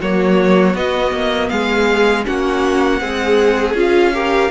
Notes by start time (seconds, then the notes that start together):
0.00 F#3 A#3 F#4 C#5
0.73 B3 D#5
1.12 A#3
1.49 G#3 G#4 F5
2.25 A#3 C#4 F#4 F#5
3.00 G#3 C4 G#4
3.74 C#4 F4 F5
4.13 G4 A#4